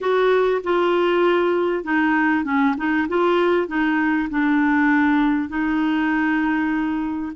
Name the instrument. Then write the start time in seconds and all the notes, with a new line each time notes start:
clarinet
0.00 F#4
0.63 F4
1.84 D#4
2.44 C#4
2.77 D#4
3.08 F4
3.67 D#4
4.30 D4
5.48 D#4